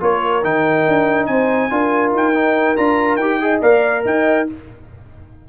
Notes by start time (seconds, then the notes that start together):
0.00 A#3 F4 A#4 C#5
0.44 D#3 D#4 G5
0.88 D4
1.26 C4 C5 G#5
1.70 D4 F4 A#4
2.12 D#4 G5
2.33 D#4
2.76 D4 F4 A#5
3.16 D#4 G4 G5
3.41 G#4 D#5
3.61 A#3 A#4 D5 F5
4.05 D#4 D#5 G5